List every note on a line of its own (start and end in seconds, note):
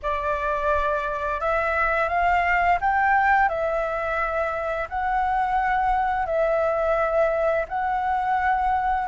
0.02 1.40 D5
1.40 2.09 E5
2.09 2.78 F5
2.81 3.48 G5
3.48 4.88 E5
4.89 6.26 F#5
6.26 7.65 E5
7.68 9.08 F#5